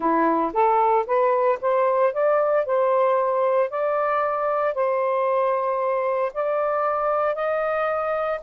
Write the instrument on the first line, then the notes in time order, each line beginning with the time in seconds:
saxophone
0.00 E4
0.53 A4
1.06 B4
1.61 C5
2.13 D5
2.65 C5
3.69 D5
4.74 C5
6.33 D5
7.35 D#5